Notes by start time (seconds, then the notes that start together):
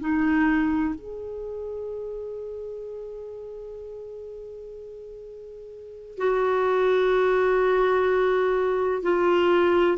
0.00 D#4
0.95 G#4
6.18 F#4
9.03 F4